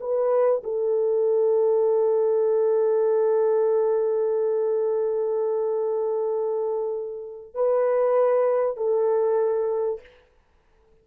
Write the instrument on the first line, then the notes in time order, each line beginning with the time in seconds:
horn
0.00 B4
0.63 A4
7.54 B4
8.77 A4